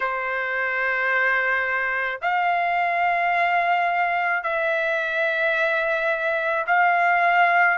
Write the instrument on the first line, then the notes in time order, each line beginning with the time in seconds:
trumpet
0.00 C5
2.21 F5
4.43 E5
6.67 F5